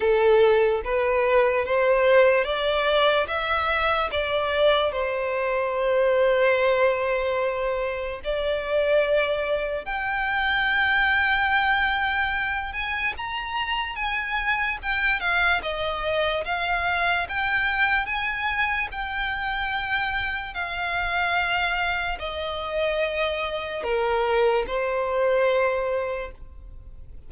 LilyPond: \new Staff \with { instrumentName = "violin" } { \time 4/4 \tempo 4 = 73 a'4 b'4 c''4 d''4 | e''4 d''4 c''2~ | c''2 d''2 | g''2.~ g''8 gis''8 |
ais''4 gis''4 g''8 f''8 dis''4 | f''4 g''4 gis''4 g''4~ | g''4 f''2 dis''4~ | dis''4 ais'4 c''2 | }